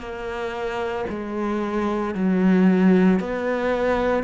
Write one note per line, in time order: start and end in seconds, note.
0.00 1.05 A#3
1.10 2.15 G#3
2.15 3.20 F#3
3.20 4.24 B3